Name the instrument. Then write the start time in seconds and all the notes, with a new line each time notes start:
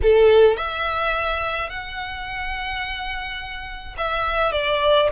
violin
0.02 A4
0.57 E5
1.69 F#5
3.97 E5
4.52 D5